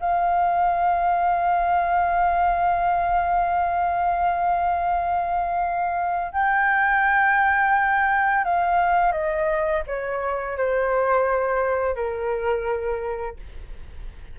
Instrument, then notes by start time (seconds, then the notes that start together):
flute
0.00 F5
6.32 G5
8.44 F5
9.12 D#5
9.87 C#5
10.57 C5
11.95 A#4